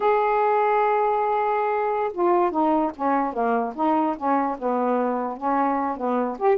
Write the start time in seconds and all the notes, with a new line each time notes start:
0.00 G#4
2.12 F4
2.51 D#4
2.96 C#4
3.33 A#3
3.75 D#4
4.16 C#4
4.58 B3
5.37 C#4
5.96 B3
6.39 G4